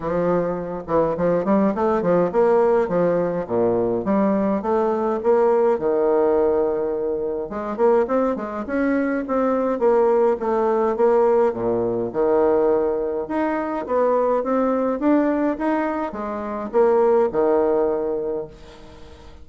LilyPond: \new Staff \with { instrumentName = "bassoon" } { \time 4/4 \tempo 4 = 104 f4. e8 f8 g8 a8 f8 | ais4 f4 ais,4 g4 | a4 ais4 dis2~ | dis4 gis8 ais8 c'8 gis8 cis'4 |
c'4 ais4 a4 ais4 | ais,4 dis2 dis'4 | b4 c'4 d'4 dis'4 | gis4 ais4 dis2 | }